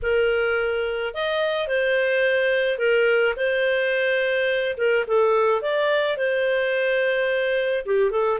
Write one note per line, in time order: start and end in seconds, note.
0.02 1.13 A#4
1.13 1.67 D#5
1.67 2.78 C5
2.78 3.34 A#4
3.36 4.76 C5
4.77 5.05 A#4
5.07 5.61 A4
5.61 6.17 D5
6.17 7.85 C5
7.85 8.11 G4
8.11 8.39 A4